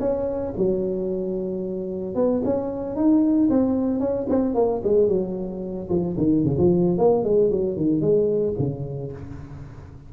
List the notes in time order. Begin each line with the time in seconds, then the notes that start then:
0.00 C#4
0.57 F#3
2.15 B3
2.45 C#4
2.96 D#4
3.50 C4
4.00 C#4
4.29 C4
4.55 A#3
4.84 G#3
5.08 F#3
5.89 F3
6.17 D#3
6.44 C#3
6.58 F3
6.98 A#3
7.24 G#3
7.51 F#3
7.77 D#3
8.01 G#3
8.59 C#3